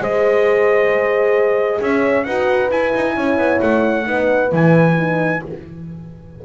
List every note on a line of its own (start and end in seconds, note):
0.00 1.80 G#3
0.00 2.26 G#4
0.00 1.82 C5
0.00 1.82 D#5
1.81 2.26 C#4
1.81 2.25 C#5
1.81 2.24 E5
2.24 2.71 D#4
2.24 2.69 F#4
2.24 3.15 B4
2.24 2.69 F#5
2.69 4.04 E4
2.69 2.94 E4
2.69 3.61 G#5
2.95 3.17 D#4
3.17 3.38 C#4
3.17 4.07 C#5
3.38 3.60 B3
3.62 4.07 A3
3.62 4.52 F#5
4.04 4.52 B3
4.04 4.49 D#4
4.04 5.45 B4
4.51 5.42 E3
4.51 4.96 E4
4.51 5.45 G#5
4.97 5.43 D#4